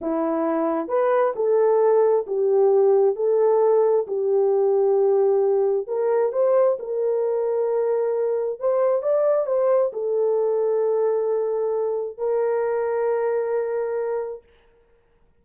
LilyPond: \new Staff \with { instrumentName = "horn" } { \time 4/4 \tempo 4 = 133 e'2 b'4 a'4~ | a'4 g'2 a'4~ | a'4 g'2.~ | g'4 ais'4 c''4 ais'4~ |
ais'2. c''4 | d''4 c''4 a'2~ | a'2. ais'4~ | ais'1 | }